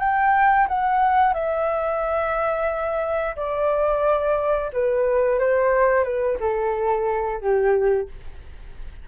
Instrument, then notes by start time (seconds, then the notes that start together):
flute
0.00 G5
0.68 F#5
1.34 E5
3.36 D5
4.73 B4
5.40 C5
6.04 B4
6.40 A4
7.41 G4